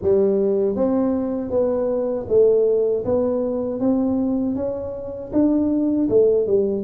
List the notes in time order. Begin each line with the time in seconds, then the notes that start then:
0.01 G3
0.75 C4
1.50 B3
2.28 A3
3.04 B3
3.79 C4
4.55 C#4
5.32 D4
6.09 A3
6.46 G3